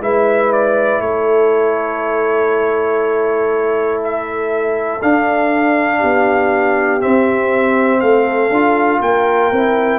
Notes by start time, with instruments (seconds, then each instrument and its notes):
0.00 tuba G#3, trombone E4, horn B4, trumpet E5
0.53 trumpet D5
0.99 tuba A3, horn A4, trumpet C#5
4.04 trumpet E5
5.02 tuba D4, trombone D4, trumpet F5
5.99 tuba B3, horn G4
7.00 trombone C4, tuba C4, trumpet E5
8.01 tuba A3, horn A4, trumpet F5
8.50 tuba D4, trombone F4
9.00 tuba A#3, horn A#4, trumpet G5
9.51 tuba C4, trombone E4